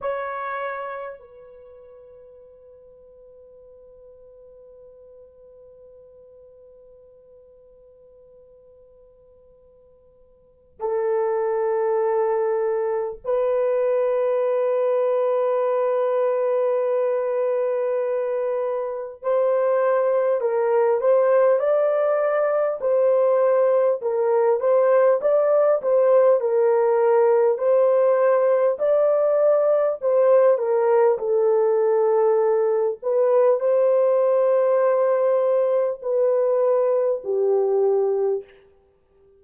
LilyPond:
\new Staff \with { instrumentName = "horn" } { \time 4/4 \tempo 4 = 50 cis''4 b'2.~ | b'1~ | b'4 a'2 b'4~ | b'1 |
c''4 ais'8 c''8 d''4 c''4 | ais'8 c''8 d''8 c''8 ais'4 c''4 | d''4 c''8 ais'8 a'4. b'8 | c''2 b'4 g'4 | }